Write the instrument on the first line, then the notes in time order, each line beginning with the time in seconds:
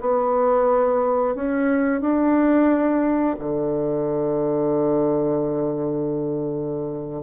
bassoon
0.00 B3
1.35 C#4
2.01 D4
3.39 D3